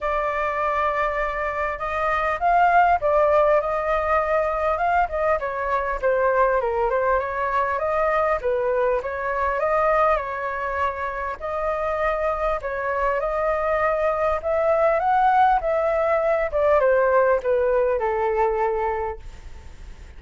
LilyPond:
\new Staff \with { instrumentName = "flute" } { \time 4/4 \tempo 4 = 100 d''2. dis''4 | f''4 d''4 dis''2 | f''8 dis''8 cis''4 c''4 ais'8 c''8 | cis''4 dis''4 b'4 cis''4 |
dis''4 cis''2 dis''4~ | dis''4 cis''4 dis''2 | e''4 fis''4 e''4. d''8 | c''4 b'4 a'2 | }